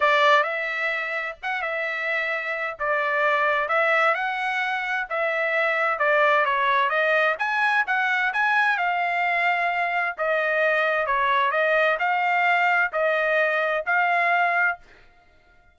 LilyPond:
\new Staff \with { instrumentName = "trumpet" } { \time 4/4 \tempo 4 = 130 d''4 e''2 fis''8 e''8~ | e''2 d''2 | e''4 fis''2 e''4~ | e''4 d''4 cis''4 dis''4 |
gis''4 fis''4 gis''4 f''4~ | f''2 dis''2 | cis''4 dis''4 f''2 | dis''2 f''2 | }